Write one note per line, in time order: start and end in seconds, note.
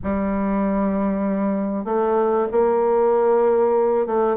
0.03 1.84 G3
1.84 2.47 A3
2.51 4.06 A#3
4.06 4.36 A3